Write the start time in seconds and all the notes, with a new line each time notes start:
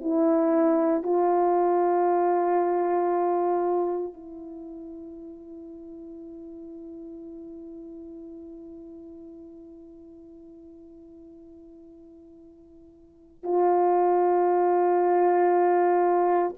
0.00 E4
1.03 F4
4.13 E4
13.43 F4